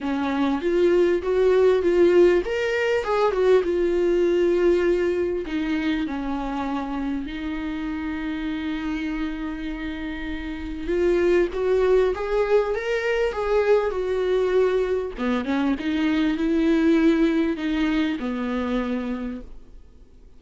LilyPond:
\new Staff \with { instrumentName = "viola" } { \time 4/4 \tempo 4 = 99 cis'4 f'4 fis'4 f'4 | ais'4 gis'8 fis'8 f'2~ | f'4 dis'4 cis'2 | dis'1~ |
dis'2 f'4 fis'4 | gis'4 ais'4 gis'4 fis'4~ | fis'4 b8 cis'8 dis'4 e'4~ | e'4 dis'4 b2 | }